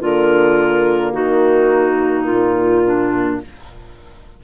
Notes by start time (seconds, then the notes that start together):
0.00 D3 A#3 F4 A#4
1.12 D#3 D#4 F#4
2.24 F4
2.30 A#2
2.85 D4